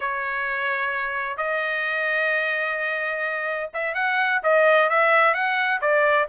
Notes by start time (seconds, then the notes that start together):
0.00 C#5
1.37 D#5
3.73 E5
3.94 F#5
4.43 D#5
4.89 E5
5.34 F#5
5.81 D5